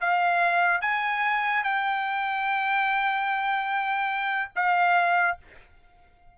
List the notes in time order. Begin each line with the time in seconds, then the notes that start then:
0.00 F5
0.81 G#5
1.63 G5
4.55 F5